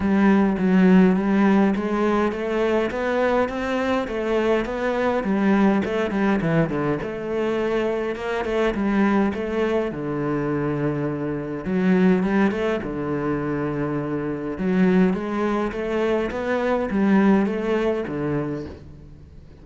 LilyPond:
\new Staff \with { instrumentName = "cello" } { \time 4/4 \tempo 4 = 103 g4 fis4 g4 gis4 | a4 b4 c'4 a4 | b4 g4 a8 g8 e8 d8 | a2 ais8 a8 g4 |
a4 d2. | fis4 g8 a8 d2~ | d4 fis4 gis4 a4 | b4 g4 a4 d4 | }